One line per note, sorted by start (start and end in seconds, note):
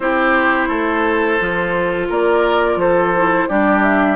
0.00 0.68 C4
0.00 1.40 E4
0.00 0.68 G4
0.00 2.07 C5
0.68 1.38 A3
0.68 2.07 A4
1.40 2.09 F3
1.40 3.14 F4
2.08 2.75 A#3
2.08 2.78 A#4
2.08 2.80 D5
2.75 3.45 F3
2.75 3.48 A4
2.75 3.48 C5
3.16 3.49 E4
3.48 4.15 G3
3.48 4.15 D4
3.48 4.15 G4
3.48 3.83 D5
3.83 4.15 E5